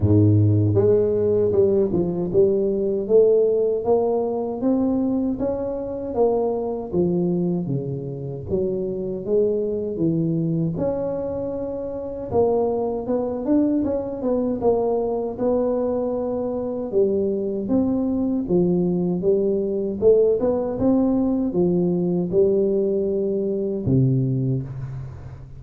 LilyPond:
\new Staff \with { instrumentName = "tuba" } { \time 4/4 \tempo 4 = 78 gis,4 gis4 g8 f8 g4 | a4 ais4 c'4 cis'4 | ais4 f4 cis4 fis4 | gis4 e4 cis'2 |
ais4 b8 d'8 cis'8 b8 ais4 | b2 g4 c'4 | f4 g4 a8 b8 c'4 | f4 g2 c4 | }